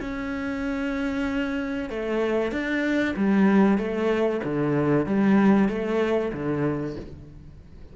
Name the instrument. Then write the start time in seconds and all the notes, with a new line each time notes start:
cello
0.00 C#4
1.89 A3
2.51 D4
3.16 G3
3.77 A3
4.43 D3
5.06 G3
5.68 A3
6.32 D3